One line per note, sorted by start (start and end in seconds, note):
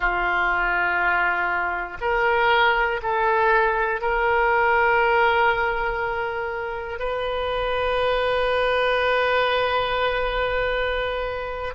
0.00 1.97 F4
2.00 3.00 A#4
3.02 4.01 A4
4.01 6.99 A#4
6.99 11.74 B4